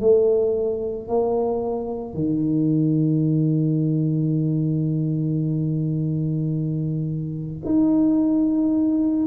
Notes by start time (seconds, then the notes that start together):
0.00 A3
1.08 A#3
2.14 D#3
7.65 D#4